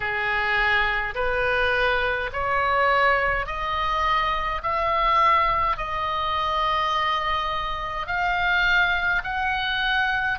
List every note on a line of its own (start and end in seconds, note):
0.00 1.14 G#4
1.14 2.30 B4
2.32 3.46 C#5
3.46 4.62 D#5
4.62 5.77 E5
5.77 8.07 D#5
8.07 9.22 F5
9.23 10.38 F#5